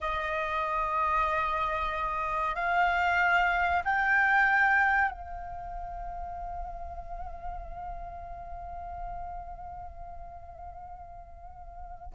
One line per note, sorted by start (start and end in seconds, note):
0.00 2.55 D#5
2.55 3.83 F5
3.84 5.10 G5
5.10 12.12 F5